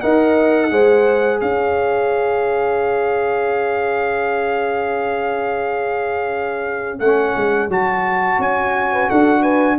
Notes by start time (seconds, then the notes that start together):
0.00 D#4 A#4 D#5 F#5
0.70 G#3 G#4 C5
1.40 C#4 C#5 F5
6.99 A3 C#4 F#5
7.35 G#3
7.68 F#3 F#4 A5
8.38 C#4 G#5
8.92 B4
9.10 D4 A4 F#5
9.42 B4 G#5